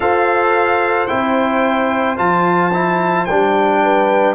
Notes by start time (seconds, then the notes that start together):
0.00 F4 A4 C5 F5
1.07 C4 E4 G5
2.16 F3 F4 A5
2.73 E4
3.25 G3 D4 G5
3.82 B4